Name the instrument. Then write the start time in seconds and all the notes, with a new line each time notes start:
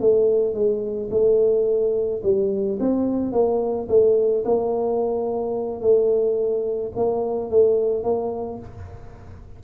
tuba
0.00 A3
0.54 G#3
1.10 A3
2.23 G3
2.80 C4
3.32 A#3
3.88 A3
4.45 A#3
5.81 A3
6.96 A#3
7.50 A3
8.03 A#3